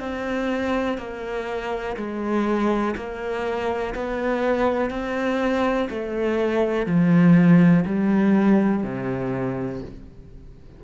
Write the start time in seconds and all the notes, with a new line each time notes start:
0.00 C4
0.98 A#3
1.97 G#3
2.96 A#3
3.95 B3
4.90 C4
5.90 A3
6.86 F3
7.86 G3
8.84 C3